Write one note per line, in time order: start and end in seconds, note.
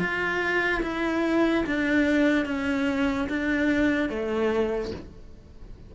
0.00 0.82 F4
0.83 1.65 E4
1.67 2.46 D4
2.46 3.28 C#4
3.30 4.09 D4
4.09 4.92 A3